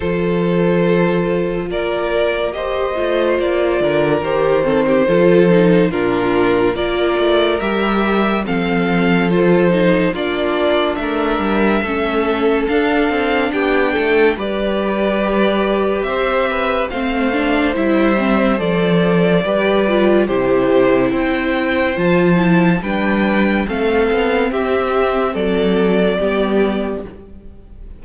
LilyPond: <<
  \new Staff \with { instrumentName = "violin" } { \time 4/4 \tempo 4 = 71 c''2 d''4 dis''4 | d''4 c''2 ais'4 | d''4 e''4 f''4 c''4 | d''4 e''2 f''4 |
g''4 d''2 e''4 | f''4 e''4 d''2 | c''4 g''4 a''4 g''4 | f''4 e''4 d''2 | }
  \new Staff \with { instrumentName = "violin" } { \time 4/4 a'2 ais'4 c''4~ | c''8 ais'4 a'16 g'16 a'4 f'4 | ais'2 a'2 | f'4 ais'4 a'2 |
g'8 a'8 b'2 c''8 b'8 | c''2. b'4 | g'4 c''2 b'4 | a'4 g'4 a'4 g'4 | }
  \new Staff \with { instrumentName = "viola" } { \time 4/4 f'2. g'8 f'8~ | f'4 g'8 c'8 f'8 dis'8 d'4 | f'4 g'4 c'4 f'8 dis'8 | d'2 cis'4 d'4~ |
d'4 g'2. | c'8 d'8 e'8 c'8 a'4 g'8 f'8 | e'2 f'8 e'8 d'4 | c'2. b4 | }
  \new Staff \with { instrumentName = "cello" } { \time 4/4 f2 ais4. a8 | ais8 d8 dis4 f4 ais,4 | ais8 a8 g4 f2 | ais4 a8 g8 a4 d'8 c'8 |
b8 a8 g2 c'4 | a4 g4 f4 g4 | c4 c'4 f4 g4 | a8 b8 c'4 fis4 g4 | }
>>